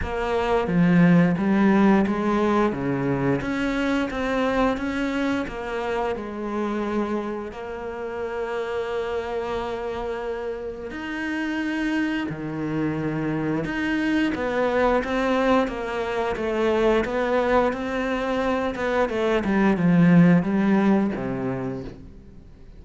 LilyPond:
\new Staff \with { instrumentName = "cello" } { \time 4/4 \tempo 4 = 88 ais4 f4 g4 gis4 | cis4 cis'4 c'4 cis'4 | ais4 gis2 ais4~ | ais1 |
dis'2 dis2 | dis'4 b4 c'4 ais4 | a4 b4 c'4. b8 | a8 g8 f4 g4 c4 | }